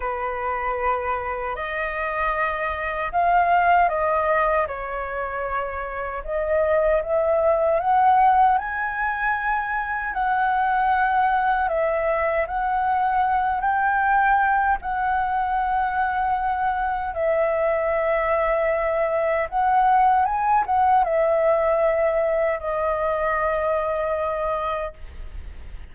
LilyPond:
\new Staff \with { instrumentName = "flute" } { \time 4/4 \tempo 4 = 77 b'2 dis''2 | f''4 dis''4 cis''2 | dis''4 e''4 fis''4 gis''4~ | gis''4 fis''2 e''4 |
fis''4. g''4. fis''4~ | fis''2 e''2~ | e''4 fis''4 gis''8 fis''8 e''4~ | e''4 dis''2. | }